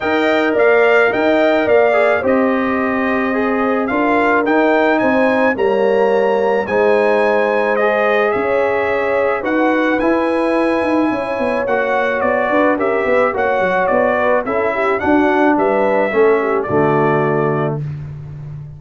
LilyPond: <<
  \new Staff \with { instrumentName = "trumpet" } { \time 4/4 \tempo 4 = 108 g''4 f''4 g''4 f''4 | dis''2. f''4 | g''4 gis''4 ais''2 | gis''2 dis''4 e''4~ |
e''4 fis''4 gis''2~ | gis''4 fis''4 d''4 e''4 | fis''4 d''4 e''4 fis''4 | e''2 d''2 | }
  \new Staff \with { instrumentName = "horn" } { \time 4/4 dis''4 d''4 dis''4 d''4 | c''2. ais'4~ | ais'4 c''4 cis''2 | c''2. cis''4~ |
cis''4 b'2. | cis''2~ cis''8 b'8 ais'8 b'8 | cis''4. b'8 a'8 g'8 fis'4 | b'4 a'8 g'8 fis'2 | }
  \new Staff \with { instrumentName = "trombone" } { \time 4/4 ais'2.~ ais'8 gis'8 | g'2 gis'4 f'4 | dis'2 ais2 | dis'2 gis'2~ |
gis'4 fis'4 e'2~ | e'4 fis'2 g'4 | fis'2 e'4 d'4~ | d'4 cis'4 a2 | }
  \new Staff \with { instrumentName = "tuba" } { \time 4/4 dis'4 ais4 dis'4 ais4 | c'2. d'4 | dis'4 c'4 g2 | gis2. cis'4~ |
cis'4 dis'4 e'4. dis'8 | cis'8 b8 ais4 b8 d'8 cis'8 b8 | ais8 fis8 b4 cis'4 d'4 | g4 a4 d2 | }
>>